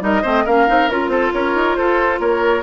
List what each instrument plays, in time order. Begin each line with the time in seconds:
0.00 bassoon G3, clarinet D#4, oboe A#4, flute D#5
0.21 bassoon A3, clarinet C4, oboe C5
0.44 bassoon A#3, clarinet C#4, oboe A#4, flute F5
0.67 bassoon C4, clarinet D#4
0.89 bassoon C#4, clarinet F4, flute A#4
1.07 bassoon C4, oboe A4, flute C5
1.33 bassoon C#4, oboe A#4, flute C#5
1.54 bassoon D#4
1.75 bassoon F4, oboe A4, flute C5
2.19 bassoon A#3, oboe A#4, flute C#5